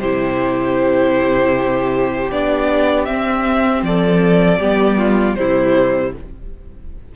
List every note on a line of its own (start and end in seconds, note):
0.00 2.31 C3
0.00 2.32 E4
0.00 3.86 G4
0.00 2.31 C5
2.31 3.08 B3
2.31 3.07 D4
2.31 3.05 D5
3.05 4.61 C4
3.05 3.82 C4
3.05 3.82 E5
3.82 4.59 F3
3.82 4.59 A4
3.82 5.35 D5
4.59 5.37 G3
4.59 5.37 B3
4.59 4.98 G4
4.98 5.37 F4
5.35 6.14 C3
5.35 6.14 G3
5.35 6.16 E4
5.35 6.12 C5